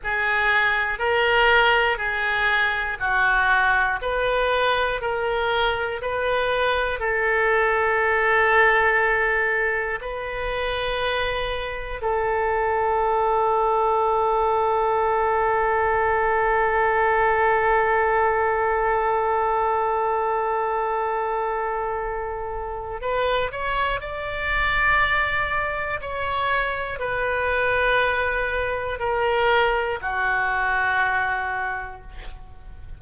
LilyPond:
\new Staff \with { instrumentName = "oboe" } { \time 4/4 \tempo 4 = 60 gis'4 ais'4 gis'4 fis'4 | b'4 ais'4 b'4 a'4~ | a'2 b'2 | a'1~ |
a'1~ | a'2. b'8 cis''8 | d''2 cis''4 b'4~ | b'4 ais'4 fis'2 | }